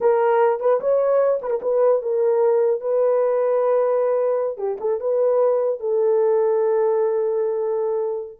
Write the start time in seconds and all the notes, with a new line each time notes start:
0.01 A#4
0.60 B4
0.80 C#5
1.41 B4
1.50 A#4
1.62 B4
2.01 A#4
2.80 B4
4.57 G4
4.80 A4
5.00 B4
5.79 A4